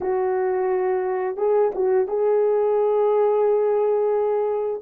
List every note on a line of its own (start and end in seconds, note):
0.00 1.36 F#4
1.36 1.71 G#4
1.74 2.07 F#4
2.07 4.81 G#4